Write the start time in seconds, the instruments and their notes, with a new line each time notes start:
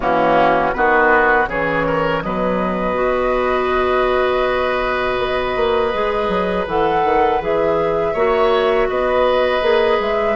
0.00 bassoon E3, clarinet A#3, oboe C#4, flute F#4
0.73 bassoon D#3, clarinet B3, oboe F#4, flute B4
1.46 bassoon C#3, clarinet E3, oboe G#4, flute C#5
1.86 oboe A#4
2.22 bassoon B2, clarinet F#3, oboe B4, flute D#5
2.94 clarinet F#4
5.18 bassoon B3
5.56 bassoon A#3
5.92 bassoon G#3, clarinet G#4
6.28 bassoon F#3
6.66 bassoon E3, clarinet A4, flute F#5
7.03 bassoon D#3
7.40 bassoon E3, clarinet G#4, flute E5
8.13 bassoon A#3, clarinet F#4, oboe C#5
8.88 bassoon B3, oboe B4, flute D#5
9.61 bassoon A#3, clarinet G#4
9.99 bassoon G#3, flute E5